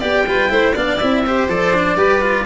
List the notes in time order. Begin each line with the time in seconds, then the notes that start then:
0.00 B3 G4 D5 G5
0.27 G3 F4 B4
0.50 A3 E4 C5
0.75 B3 D4 D5 F5
0.98 C4 E4 E5
1.27 G4 C5
1.48 F3 A4 D5
1.74 D4
1.96 G3 G4 B4
2.22 F4